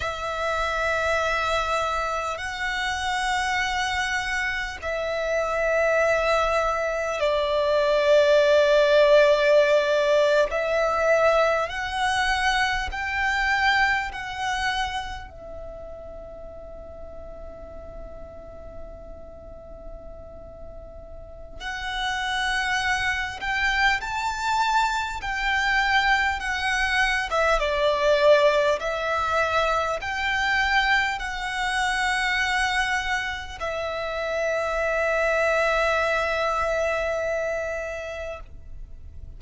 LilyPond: \new Staff \with { instrumentName = "violin" } { \time 4/4 \tempo 4 = 50 e''2 fis''2 | e''2 d''2~ | d''8. e''4 fis''4 g''4 fis''16~ | fis''8. e''2.~ e''16~ |
e''2 fis''4. g''8 | a''4 g''4 fis''8. e''16 d''4 | e''4 g''4 fis''2 | e''1 | }